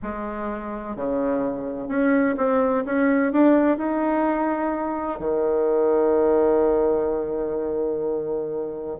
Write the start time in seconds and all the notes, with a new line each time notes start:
0.02 G#3
0.96 C#3
1.88 C#4
2.37 C4
2.85 C#4
3.32 D4
3.77 D#4
5.19 D#3